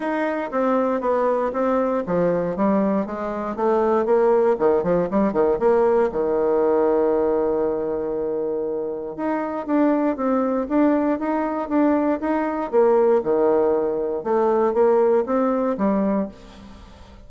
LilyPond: \new Staff \with { instrumentName = "bassoon" } { \time 4/4 \tempo 4 = 118 dis'4 c'4 b4 c'4 | f4 g4 gis4 a4 | ais4 dis8 f8 g8 dis8 ais4 | dis1~ |
dis2 dis'4 d'4 | c'4 d'4 dis'4 d'4 | dis'4 ais4 dis2 | a4 ais4 c'4 g4 | }